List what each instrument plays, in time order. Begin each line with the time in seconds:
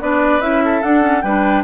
0.00 bassoon B3, clarinet D4, oboe B4, flute D5
0.40 bassoon C#4, clarinet E4, flute E5
0.64 oboe A4
0.82 clarinet D4, bassoon D4, flute F#5
1.00 clarinet C#4
1.21 bassoon G3, clarinet D4, oboe B4, flute G5